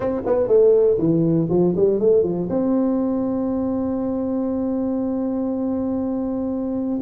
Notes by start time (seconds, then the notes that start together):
0.00 C4
0.25 B3
0.47 A3
0.98 E3
1.49 F3
1.75 G3
1.99 A3
2.23 F3
2.49 C4